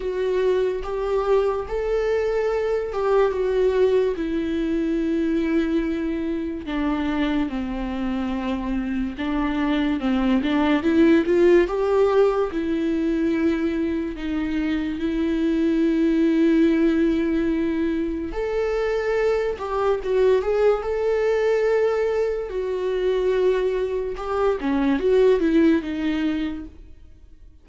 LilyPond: \new Staff \with { instrumentName = "viola" } { \time 4/4 \tempo 4 = 72 fis'4 g'4 a'4. g'8 | fis'4 e'2. | d'4 c'2 d'4 | c'8 d'8 e'8 f'8 g'4 e'4~ |
e'4 dis'4 e'2~ | e'2 a'4. g'8 | fis'8 gis'8 a'2 fis'4~ | fis'4 g'8 cis'8 fis'8 e'8 dis'4 | }